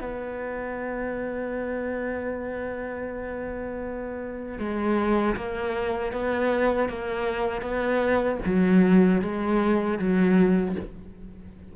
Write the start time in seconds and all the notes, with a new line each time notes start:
0.00 B3
4.58 G#3
5.36 A#3
6.12 B3
6.88 A#3
7.62 B3
8.45 F#3
9.22 G#3
9.99 F#3